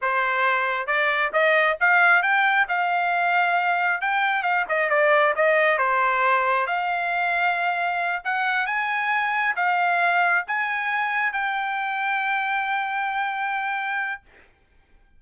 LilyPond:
\new Staff \with { instrumentName = "trumpet" } { \time 4/4 \tempo 4 = 135 c''2 d''4 dis''4 | f''4 g''4 f''2~ | f''4 g''4 f''8 dis''8 d''4 | dis''4 c''2 f''4~ |
f''2~ f''8 fis''4 gis''8~ | gis''4. f''2 gis''8~ | gis''4. g''2~ g''8~ | g''1 | }